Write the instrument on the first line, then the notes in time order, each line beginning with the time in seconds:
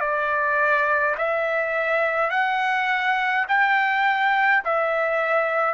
trumpet
0.00 D5
1.18 E5
2.31 F#5
3.48 G5
4.65 E5